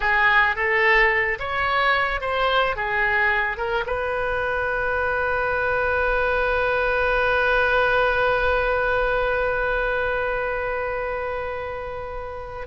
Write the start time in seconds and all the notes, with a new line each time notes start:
0.00 G#4
0.55 A4
1.39 C#5
2.20 C5
2.76 G#4
3.57 A#4
3.86 B4